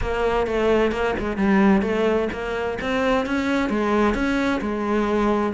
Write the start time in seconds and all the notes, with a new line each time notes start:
0.01 A#3
0.46 A3
0.91 A#3
1.19 G#3
1.37 G3
1.82 A3
2.32 A#3
2.81 C4
3.26 C#4
3.69 G#3
4.14 C#4
4.61 G#3